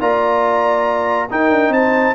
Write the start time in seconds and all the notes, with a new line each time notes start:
0.00 A#3 F4 D5 A#5
1.30 D#4 A#4 G5
1.50 D4
1.69 C4 C5 A5